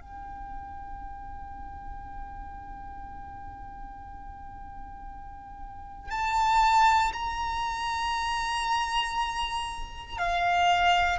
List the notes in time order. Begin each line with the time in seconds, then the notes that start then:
0.00 G5
6.10 A5
7.13 A#5
10.18 F5